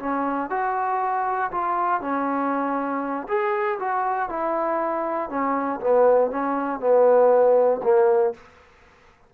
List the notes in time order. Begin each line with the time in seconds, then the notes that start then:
0.00 C#4
0.50 F#4
1.52 F4
2.01 C#4
3.28 G#4
3.80 F#4
4.29 E4
5.30 C#4
5.81 B3
6.31 C#4
6.80 B3
7.84 A#3